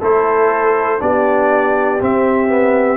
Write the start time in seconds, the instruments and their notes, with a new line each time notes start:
0.00 tuba A3, trombone E4, horn A4, trumpet C5
0.99 tuba B3, trombone D4, horn G4, trumpet D5
2.01 trombone C4, tuba C4, trumpet E5
2.48 trombone B3